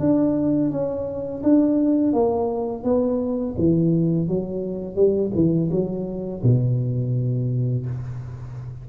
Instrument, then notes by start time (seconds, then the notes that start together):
tuba
0.00 D4
0.71 C#4
1.43 D4
2.13 A#3
2.84 B3
3.58 E3
4.28 F#3
4.95 G3
5.35 E3
5.71 F#3
6.43 B2